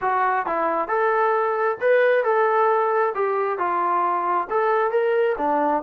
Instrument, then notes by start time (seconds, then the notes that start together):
trombone
0.01 F#4
0.46 E4
0.88 A4
1.81 B4
2.24 A4
3.14 G4
3.58 F4
4.50 A4
4.91 A#4
5.38 D4